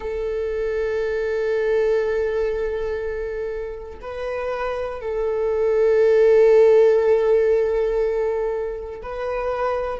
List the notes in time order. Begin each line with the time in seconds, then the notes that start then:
0.00 A4
4.01 B4
5.01 A4
9.02 B4